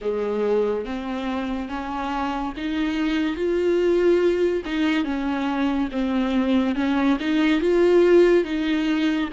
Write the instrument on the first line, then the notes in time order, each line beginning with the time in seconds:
viola
0.01 G#3
0.85 C4
1.68 C#4
2.57 D#4
3.36 F4
4.65 D#4
5.04 C#4
5.92 C4
6.75 C#4
7.20 D#4
7.61 F4
8.44 D#4